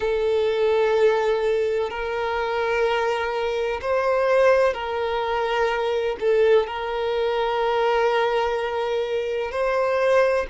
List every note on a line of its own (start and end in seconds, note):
0.00 1.90 A4
1.90 3.80 A#4
3.81 4.73 C5
4.73 6.16 A#4
6.19 6.66 A4
6.66 9.51 A#4
9.51 10.46 C5